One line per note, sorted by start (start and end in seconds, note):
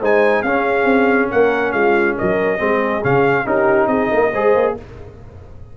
0.00 0.44 G#3
0.00 0.45 D#4
0.00 0.43 C5
0.00 0.43 G#5
0.43 0.85 C#4
0.43 2.59 C#4
0.43 1.31 G#4
0.43 1.29 F5
0.85 1.28 C4
1.31 1.74 A#3
1.31 1.74 A#4
1.31 1.72 F#5
1.72 2.17 G#3
1.72 2.17 F4
1.72 2.15 F5
2.17 2.61 F#3
2.17 2.59 A#4
2.17 3.04 D#5
2.59 3.04 G#3
2.59 3.02 C4
2.59 3.46 G#4
3.04 3.47 C#3
3.04 3.45 C#4
3.04 3.47 F5
3.45 3.88 C#4
3.45 4.32 D#4
3.45 3.89 G4
3.45 3.88 A#4
3.88 4.09 C4
3.88 4.11 G#4
3.88 4.74 D#5
4.11 4.34 A#3
4.11 4.32 A#4
4.33 4.55 G#3
4.33 4.78 G#4
4.33 4.76 C5
4.55 4.77 A#3